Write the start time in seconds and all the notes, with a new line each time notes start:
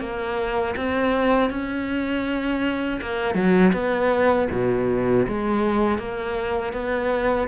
0.00 A#3
0.76 C4
1.50 C#4
3.02 A#3
3.35 F#3
3.73 B3
4.52 B2
5.28 G#3
5.99 A#3
6.73 B3